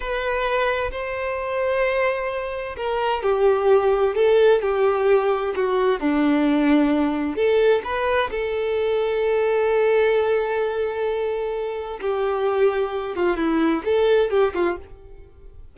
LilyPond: \new Staff \with { instrumentName = "violin" } { \time 4/4 \tempo 4 = 130 b'2 c''2~ | c''2 ais'4 g'4~ | g'4 a'4 g'2 | fis'4 d'2. |
a'4 b'4 a'2~ | a'1~ | a'2 g'2~ | g'8 f'8 e'4 a'4 g'8 f'8 | }